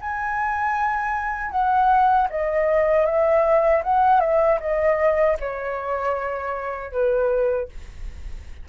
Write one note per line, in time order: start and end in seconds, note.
0.00 1.50 G#5
1.50 2.27 F#5
2.30 3.05 D#5
3.05 3.82 E5
3.83 4.20 F#5
4.20 4.58 E5
4.60 5.37 D#5
5.39 6.92 C#5
6.92 7.69 B4